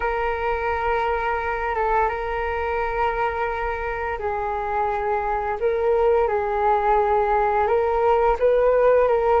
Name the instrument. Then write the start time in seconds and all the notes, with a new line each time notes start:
flute
0.00 A#4
1.74 A4
2.09 A#4
4.18 G#4
5.59 A#4
6.28 G#4
7.67 A#4
8.39 B4
9.07 A#4